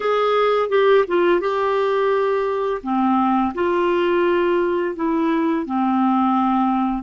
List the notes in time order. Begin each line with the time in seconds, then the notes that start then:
0.00 G#4
0.69 G4
1.07 F4
1.40 G4
2.82 C4
3.54 F4
4.95 E4
5.65 C4